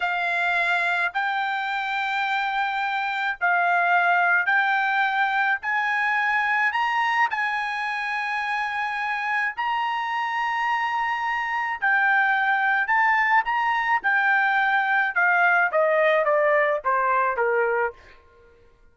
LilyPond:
\new Staff \with { instrumentName = "trumpet" } { \time 4/4 \tempo 4 = 107 f''2 g''2~ | g''2 f''2 | g''2 gis''2 | ais''4 gis''2.~ |
gis''4 ais''2.~ | ais''4 g''2 a''4 | ais''4 g''2 f''4 | dis''4 d''4 c''4 ais'4 | }